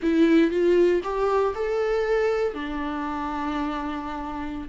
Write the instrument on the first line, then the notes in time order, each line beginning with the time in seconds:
viola
0.02 E4
0.50 F4
1.03 G4
1.54 A4
2.53 D4